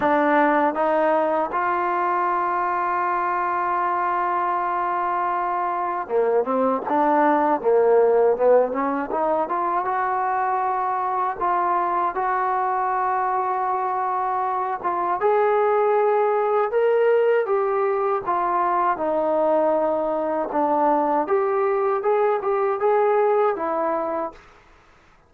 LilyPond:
\new Staff \with { instrumentName = "trombone" } { \time 4/4 \tempo 4 = 79 d'4 dis'4 f'2~ | f'1 | ais8 c'8 d'4 ais4 b8 cis'8 | dis'8 f'8 fis'2 f'4 |
fis'2.~ fis'8 f'8 | gis'2 ais'4 g'4 | f'4 dis'2 d'4 | g'4 gis'8 g'8 gis'4 e'4 | }